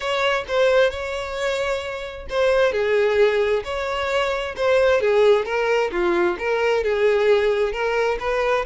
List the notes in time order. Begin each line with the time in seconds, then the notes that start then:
0.00 C#5
0.48 C5
0.90 C#5
2.29 C5
2.72 G#4
3.64 C#5
4.56 C5
5.00 G#4
5.45 A#4
5.91 F4
6.39 A#4
6.83 G#4
7.72 A#4
8.19 B4